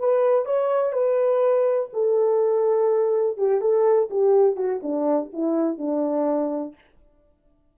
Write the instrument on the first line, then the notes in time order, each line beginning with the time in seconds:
horn
0.00 B4
0.46 C#5
0.93 B4
1.94 A4
3.38 G4
3.62 A4
4.11 G4
4.57 F#4
4.83 D4
5.34 E4
5.78 D4